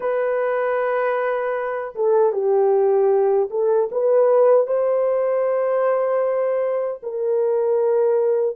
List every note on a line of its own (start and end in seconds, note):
0.00 1.94 B4
1.95 2.32 A4
2.32 3.49 G4
3.50 3.89 A4
3.91 4.66 B4
4.66 7.00 C5
7.02 8.56 A#4